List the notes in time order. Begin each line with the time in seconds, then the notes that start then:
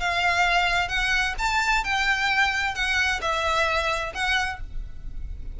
0.00 F5
0.88 F#5
1.38 A5
1.84 G5
2.75 F#5
3.21 E5
4.14 F#5